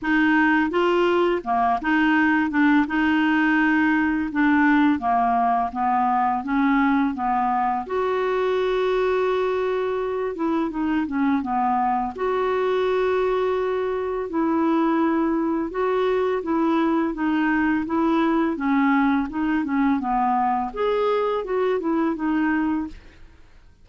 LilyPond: \new Staff \with { instrumentName = "clarinet" } { \time 4/4 \tempo 4 = 84 dis'4 f'4 ais8 dis'4 d'8 | dis'2 d'4 ais4 | b4 cis'4 b4 fis'4~ | fis'2~ fis'8 e'8 dis'8 cis'8 |
b4 fis'2. | e'2 fis'4 e'4 | dis'4 e'4 cis'4 dis'8 cis'8 | b4 gis'4 fis'8 e'8 dis'4 | }